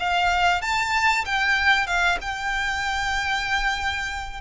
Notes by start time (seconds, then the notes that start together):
0.00 F5
0.62 A5
1.26 G5
1.87 F5
2.22 G5